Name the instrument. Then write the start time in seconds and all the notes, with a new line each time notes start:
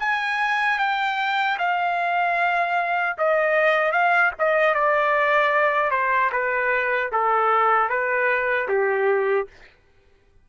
trumpet
0.00 G#5
0.79 G5
1.59 F5
3.19 D#5
3.93 F5
4.39 D#5
4.75 D5
5.91 C5
6.32 B4
7.12 A4
7.89 B4
8.69 G4